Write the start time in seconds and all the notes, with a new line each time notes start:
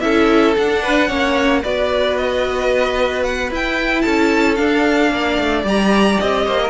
0.00 C#4 E4 A4 E5
0.56 D4 F#5
0.82 B4
1.08 A#3 C#4 C#5
1.62 B3 F#4 B4 D5
2.17 D#5
3.23 F#5
3.51 E4 G5
4.01 C#4 A4 A5
4.55 D4 F5
5.11 A#3 D5
5.39 A3
5.63 G3 G4 A#5
6.20 C4 D#5
6.46 A#3 C5
6.62 A#4